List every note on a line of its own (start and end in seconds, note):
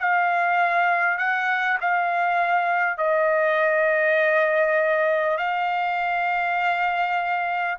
0.00 1.18 F5
1.18 1.78 F#5
1.81 2.98 F5
2.98 5.38 D#5
5.38 7.78 F5